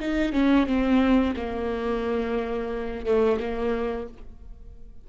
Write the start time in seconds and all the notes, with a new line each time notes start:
0.00 D#4
0.33 C#4
0.67 C4
1.36 A#3
3.06 A3
3.39 A#3